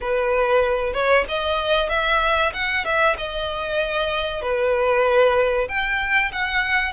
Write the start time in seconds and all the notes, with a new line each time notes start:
0.00 B4
0.93 C#5
1.28 D#5
1.89 E5
2.53 F#5
2.84 E5
3.17 D#5
4.42 B4
5.68 G5
6.32 F#5